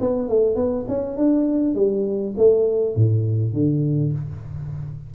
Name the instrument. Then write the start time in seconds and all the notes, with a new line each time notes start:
tuba
0.00 B3
0.28 A3
0.55 B3
0.88 C#4
1.17 D4
1.75 G3
2.37 A3
2.95 A2
3.53 D3